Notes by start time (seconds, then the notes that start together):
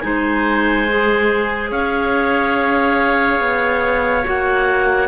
0.00 G#3 D#4 C5 G#5
0.89 G#4
1.71 C#4 C#5 F5
3.40 B3
4.24 A#3 F#4 F#5